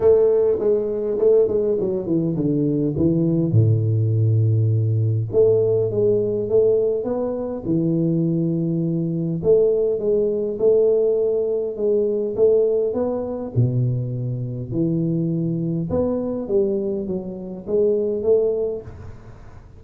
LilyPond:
\new Staff \with { instrumentName = "tuba" } { \time 4/4 \tempo 4 = 102 a4 gis4 a8 gis8 fis8 e8 | d4 e4 a,2~ | a,4 a4 gis4 a4 | b4 e2. |
a4 gis4 a2 | gis4 a4 b4 b,4~ | b,4 e2 b4 | g4 fis4 gis4 a4 | }